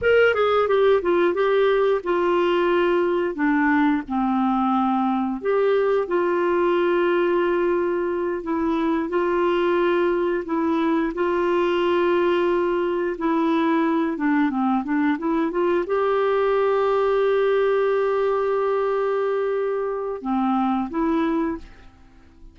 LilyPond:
\new Staff \with { instrumentName = "clarinet" } { \time 4/4 \tempo 4 = 89 ais'8 gis'8 g'8 f'8 g'4 f'4~ | f'4 d'4 c'2 | g'4 f'2.~ | f'8 e'4 f'2 e'8~ |
e'8 f'2. e'8~ | e'4 d'8 c'8 d'8 e'8 f'8 g'8~ | g'1~ | g'2 c'4 e'4 | }